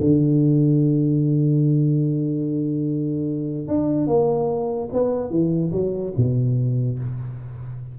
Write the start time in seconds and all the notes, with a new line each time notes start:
0.00 D3
3.68 D4
4.07 A#3
4.93 B3
5.30 E3
5.72 F#3
6.17 B2